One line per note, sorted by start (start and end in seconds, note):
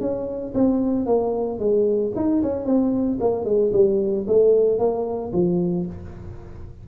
0.00 0.53 C#4
0.54 1.06 C4
1.06 1.59 A#3
1.59 2.12 G#3
2.15 2.42 D#4
2.42 2.65 C#4
2.65 3.18 C4
3.20 3.45 A#3
3.45 3.71 G#3
3.73 4.26 G3
4.27 4.78 A3
4.78 5.31 A#3
5.33 5.86 F3